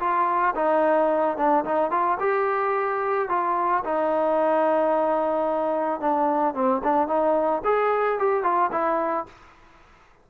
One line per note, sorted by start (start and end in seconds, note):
0.00 0.55 F4
0.55 1.37 D#4
1.37 1.65 D4
1.65 1.91 D#4
1.91 2.18 F4
2.20 3.29 G4
3.29 3.84 F4
3.85 6.00 D#4
6.00 6.55 D4
6.55 6.82 C4
6.84 7.08 D4
7.08 7.62 D#4
7.65 8.19 G#4
8.19 8.43 G4
8.43 8.71 F4
8.72 9.26 E4